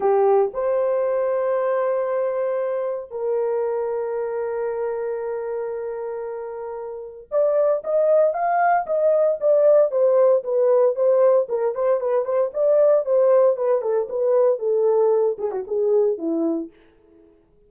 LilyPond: \new Staff \with { instrumentName = "horn" } { \time 4/4 \tempo 4 = 115 g'4 c''2.~ | c''2 ais'2~ | ais'1~ | ais'2 d''4 dis''4 |
f''4 dis''4 d''4 c''4 | b'4 c''4 ais'8 c''8 b'8 c''8 | d''4 c''4 b'8 a'8 b'4 | a'4. gis'16 fis'16 gis'4 e'4 | }